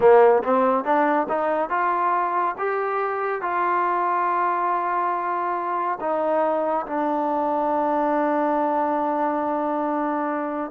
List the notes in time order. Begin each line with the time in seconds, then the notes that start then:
0.00 A#3
0.43 C4
0.84 D4
1.28 D#4
1.69 F4
2.58 G4
3.41 F4
6.00 D#4
6.86 D4